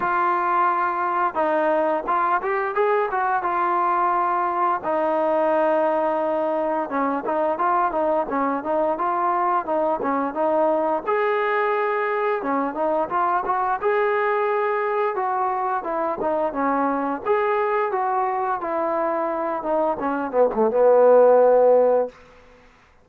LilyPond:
\new Staff \with { instrumentName = "trombone" } { \time 4/4 \tempo 4 = 87 f'2 dis'4 f'8 g'8 | gis'8 fis'8 f'2 dis'4~ | dis'2 cis'8 dis'8 f'8 dis'8 | cis'8 dis'8 f'4 dis'8 cis'8 dis'4 |
gis'2 cis'8 dis'8 f'8 fis'8 | gis'2 fis'4 e'8 dis'8 | cis'4 gis'4 fis'4 e'4~ | e'8 dis'8 cis'8 b16 a16 b2 | }